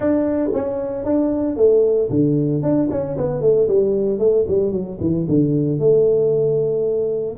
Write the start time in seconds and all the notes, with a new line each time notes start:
0.00 D4
0.53 C#4
1.04 D4
1.56 A3
2.09 D3
2.62 D4
2.90 C#4
3.17 B3
3.41 A3
3.67 G3
4.18 A3
4.47 G3
4.71 F#3
5.00 E3
5.28 D3
5.79 A3